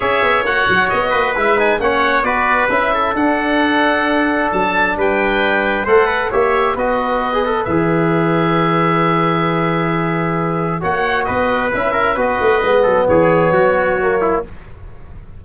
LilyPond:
<<
  \new Staff \with { instrumentName = "oboe" } { \time 4/4 \tempo 4 = 133 e''4 fis''4 dis''4 e''8 gis''8 | fis''4 d''4 e''4 fis''4~ | fis''2 a''4 g''4~ | g''4 fis''4 e''4 dis''4~ |
dis''4 e''2.~ | e''1 | fis''4 dis''4 e''4 dis''4~ | dis''4 cis''2. | }
  \new Staff \with { instrumentName = "trumpet" } { \time 4/4 cis''2~ cis''8 b'4. | cis''4 b'4. a'4.~ | a'2. b'4~ | b'4 c''8 b'8 cis''4 b'4~ |
b'1~ | b'1 | cis''4 b'4. ais'8 b'4~ | b'8 a'8 gis'4 fis'4. e'8 | }
  \new Staff \with { instrumentName = "trombone" } { \time 4/4 gis'4 fis'2 e'8 dis'8 | cis'4 fis'4 e'4 d'4~ | d'1~ | d'4 a'4 g'4 fis'4~ |
fis'16 gis'16 a'8 gis'2.~ | gis'1 | fis'2 e'4 fis'4 | b2. ais4 | }
  \new Staff \with { instrumentName = "tuba" } { \time 4/4 cis'8 b8 ais8 fis8 b8 ais8 gis4 | ais4 b4 cis'4 d'4~ | d'2 fis4 g4~ | g4 a4 ais4 b4~ |
b4 e2.~ | e1 | ais4 b4 cis'4 b8 a8 | gis8 fis8 e4 fis2 | }
>>